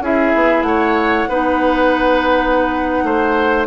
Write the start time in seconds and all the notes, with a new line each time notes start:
0.00 C#4 E4 G#4 E5
0.34 B3
0.62 A3 C#5 F#5
1.28 B3 D#4 B4
3.03 A3 C5